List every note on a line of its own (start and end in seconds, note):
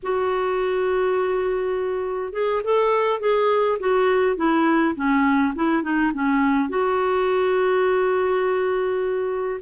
0.03 2.32 F#4
2.32 2.62 G#4
2.63 3.20 A4
3.20 3.78 G#4
3.79 4.36 F#4
4.36 4.94 E4
4.95 5.53 C#4
5.55 5.82 E4
5.82 6.11 D#4
6.13 6.69 C#4
6.69 9.60 F#4